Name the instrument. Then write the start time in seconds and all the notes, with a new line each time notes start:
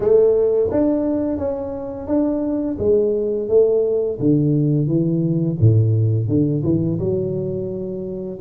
tuba
0.00 A3
0.71 D4
1.38 C#4
2.07 D4
2.78 G#3
3.48 A3
4.19 D3
4.87 E3
5.60 A2
6.28 D3
6.63 E3
6.99 F#3